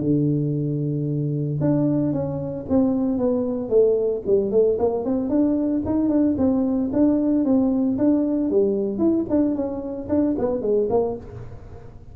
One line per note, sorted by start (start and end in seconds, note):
0.00 1.59 D3
1.61 2.13 D4
2.13 2.66 C#4
2.69 3.18 C4
3.18 3.70 B3
3.70 4.23 A3
4.26 4.51 G3
4.51 4.78 A3
4.79 5.05 A#3
5.05 5.29 C4
5.29 5.82 D4
5.86 6.09 D#4
6.09 6.36 D4
6.38 6.91 C4
6.93 7.45 D4
7.45 7.98 C4
7.98 8.51 D4
8.51 8.98 G3
8.98 9.25 E4
9.30 9.55 D4
9.55 10.08 C#4
10.09 10.36 D4
10.39 10.61 B3
10.61 10.88 G#3
10.89 11.16 A#3